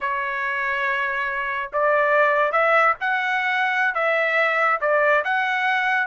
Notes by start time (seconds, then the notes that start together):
0.00 C#5
1.72 D5
2.51 E5
3.00 F#5
3.94 E5
4.81 D5
5.24 F#5